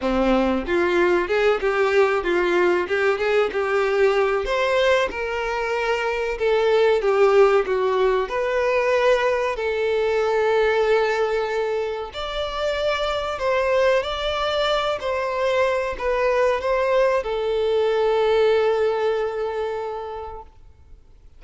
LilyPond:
\new Staff \with { instrumentName = "violin" } { \time 4/4 \tempo 4 = 94 c'4 f'4 gis'8 g'4 f'8~ | f'8 g'8 gis'8 g'4. c''4 | ais'2 a'4 g'4 | fis'4 b'2 a'4~ |
a'2. d''4~ | d''4 c''4 d''4. c''8~ | c''4 b'4 c''4 a'4~ | a'1 | }